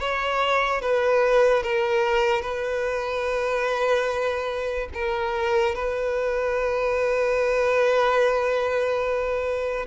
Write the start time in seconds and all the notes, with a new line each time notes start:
0.00 C#5
0.82 B4
1.63 A#4
2.42 B4
4.94 A#4
5.76 B4